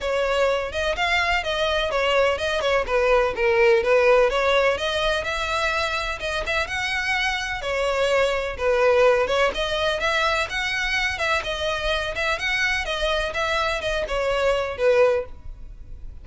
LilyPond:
\new Staff \with { instrumentName = "violin" } { \time 4/4 \tempo 4 = 126 cis''4. dis''8 f''4 dis''4 | cis''4 dis''8 cis''8 b'4 ais'4 | b'4 cis''4 dis''4 e''4~ | e''4 dis''8 e''8 fis''2 |
cis''2 b'4. cis''8 | dis''4 e''4 fis''4. e''8 | dis''4. e''8 fis''4 dis''4 | e''4 dis''8 cis''4. b'4 | }